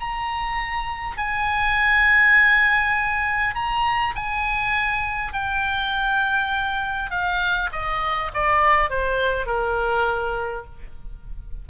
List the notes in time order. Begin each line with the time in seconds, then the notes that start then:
0.00 A#5
1.17 G#5
3.55 A#5
4.15 G#5
5.33 G5
7.10 F5
7.72 D#5
8.34 D5
8.90 C5
9.46 A#4